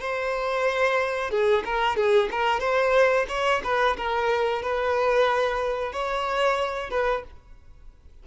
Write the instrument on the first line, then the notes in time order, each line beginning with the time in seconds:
violin
0.00 C5
1.30 G#4
1.65 A#4
1.96 G#4
2.30 A#4
2.60 C5
3.28 C#5
3.63 B4
3.97 A#4
4.62 B4
5.92 C#5
6.90 B4